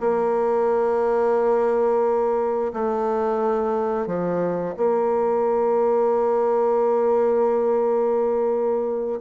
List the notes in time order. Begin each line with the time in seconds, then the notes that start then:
0.00 A#3
2.73 A3
4.07 F3
4.77 A#3